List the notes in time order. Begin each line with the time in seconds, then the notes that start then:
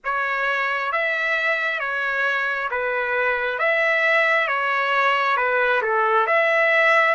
0.04 C#5
0.92 E5
1.79 C#5
2.70 B4
3.58 E5
4.47 C#5
5.36 B4
5.82 A4
6.26 E5